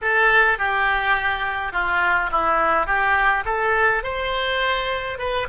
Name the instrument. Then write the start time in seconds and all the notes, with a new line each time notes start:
oboe
0.01 A4
0.58 G4
1.72 F4
2.31 E4
2.86 G4
3.45 A4
4.03 C5
5.18 B4